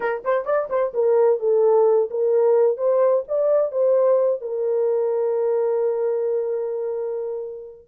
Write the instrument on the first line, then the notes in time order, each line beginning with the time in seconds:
horn
0.00 A#4
0.24 C5
0.45 D5
0.69 C5
0.93 A#4
1.39 A4
2.10 A#4
2.77 C5
3.28 D5
3.71 C5
4.41 A#4